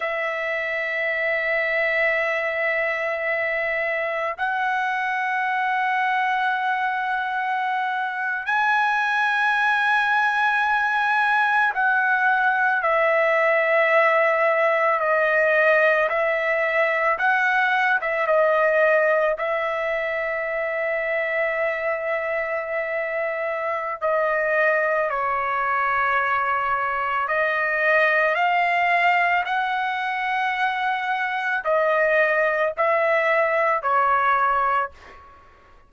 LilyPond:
\new Staff \with { instrumentName = "trumpet" } { \time 4/4 \tempo 4 = 55 e''1 | fis''2.~ fis''8. gis''16~ | gis''2~ gis''8. fis''4 e''16~ | e''4.~ e''16 dis''4 e''4 fis''16~ |
fis''8 e''16 dis''4 e''2~ e''16~ | e''2 dis''4 cis''4~ | cis''4 dis''4 f''4 fis''4~ | fis''4 dis''4 e''4 cis''4 | }